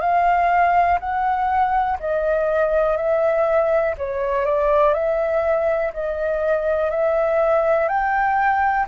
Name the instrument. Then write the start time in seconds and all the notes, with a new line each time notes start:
flute
0.00 F5
0.99 F#5
1.99 D#5
2.96 E5
3.97 C#5
4.45 D5
4.93 E5
5.93 D#5
6.90 E5
7.88 G5